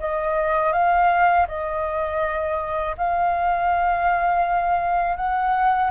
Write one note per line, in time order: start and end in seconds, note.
0.00 0.73 D#5
0.73 1.47 F5
1.48 2.96 D#5
2.98 5.17 F5
5.17 5.91 F#5